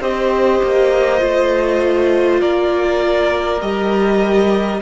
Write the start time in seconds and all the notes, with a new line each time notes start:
0.00 C4 G4 C5 D#5
0.63 A#3
1.19 A3 F4
2.41 A#3 A#4 D5
3.61 G3 G4 D#5